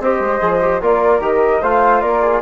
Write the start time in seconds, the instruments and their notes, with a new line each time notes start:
0.00 bassoon C4, trombone G4, flute C5 D#5
0.20 bassoon G#3
0.41 bassoon F3, trombone G#4
0.62 trombone G4
0.82 bassoon A#3, trombone F4, flute A#4 D5
1.20 bassoon D#3, trombone G4, flute D#5
1.62 bassoon A3, trombone F4, flute C5 F5
2.02 bassoon A#3, flute A#4 D5
2.22 flute G#4